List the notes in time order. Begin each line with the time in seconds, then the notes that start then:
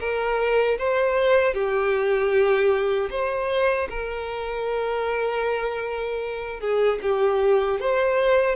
0.00 A#4
0.78 C5
1.54 G4
3.10 C5
3.90 A#4
6.60 G#4
7.02 G4
7.80 C5